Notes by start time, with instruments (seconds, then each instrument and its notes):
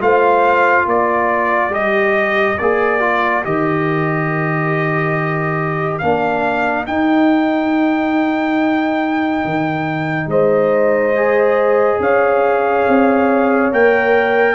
0.00 tuba A3, trombone F4, horn C5, trumpet F5
0.86 tuba A#3, horn A#4, trumpet D5
1.69 tuba G3, trombone G4, trumpet D#5
2.58 tuba A#3, trombone G#4, trumpet D5
3.00 trombone F4
3.44 tuba D#3, trombone G4, trumpet D#5
5.98 tuba A#3, trombone D4, trumpet F5
6.86 trombone D#4, tuba D#4, trumpet G5
9.44 tuba D#3
10.27 tuba G#3, horn C5, trumpet D#5
11.15 trombone G#4
11.99 tuba C#4, horn C#5, trumpet F5
12.88 tuba C4
13.72 tuba A#3, trombone A#4, trumpet G5